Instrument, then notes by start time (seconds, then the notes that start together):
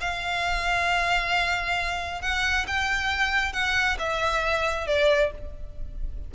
violin
0.00 F5
2.21 F#5
2.67 G5
3.52 F#5
3.99 E5
4.86 D5